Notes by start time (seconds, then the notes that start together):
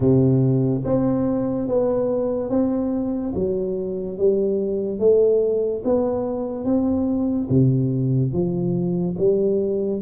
0.00 C3
0.84 C4
1.67 B3
2.49 C4
3.34 F#3
4.17 G3
4.99 A3
5.84 B3
6.64 C4
7.49 C3
8.33 F3
9.18 G3